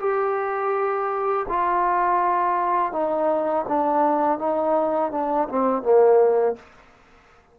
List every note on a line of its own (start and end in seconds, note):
0.00 1.46 G4
1.49 2.92 F4
2.92 3.66 D#4
3.69 4.39 D4
4.39 5.12 D#4
5.12 5.48 D4
5.49 5.83 C4
5.83 6.56 A#3